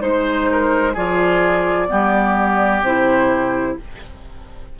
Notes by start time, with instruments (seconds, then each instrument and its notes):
0.00 bassoon G#3, clarinet D#4, flute C5, oboe C5
0.52 oboe A#4
0.94 bassoon F3, clarinet F4, oboe G#4, flute D5
1.88 bassoon G3, clarinet B3, oboe G4
2.82 bassoon C3, clarinet E4, flute C5